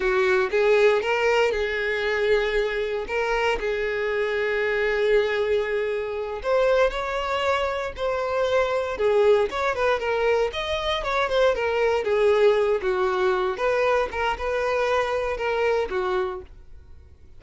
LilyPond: \new Staff \with { instrumentName = "violin" } { \time 4/4 \tempo 4 = 117 fis'4 gis'4 ais'4 gis'4~ | gis'2 ais'4 gis'4~ | gis'1~ | gis'8 c''4 cis''2 c''8~ |
c''4. gis'4 cis''8 b'8 ais'8~ | ais'8 dis''4 cis''8 c''8 ais'4 gis'8~ | gis'4 fis'4. b'4 ais'8 | b'2 ais'4 fis'4 | }